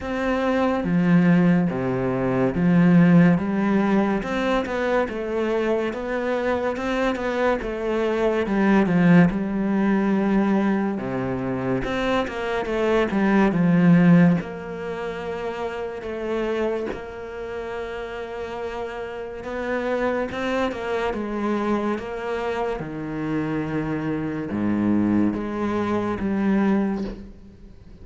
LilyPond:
\new Staff \with { instrumentName = "cello" } { \time 4/4 \tempo 4 = 71 c'4 f4 c4 f4 | g4 c'8 b8 a4 b4 | c'8 b8 a4 g8 f8 g4~ | g4 c4 c'8 ais8 a8 g8 |
f4 ais2 a4 | ais2. b4 | c'8 ais8 gis4 ais4 dis4~ | dis4 gis,4 gis4 g4 | }